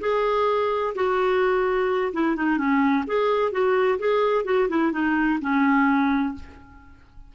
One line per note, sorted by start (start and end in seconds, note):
0.00 0.94 G#4
0.95 2.12 F#4
2.13 2.36 E4
2.36 2.58 D#4
2.58 3.05 C#4
3.07 3.52 G#4
3.52 3.99 F#4
3.99 4.45 G#4
4.45 4.68 F#4
4.69 4.92 E4
4.92 5.39 D#4
5.41 6.35 C#4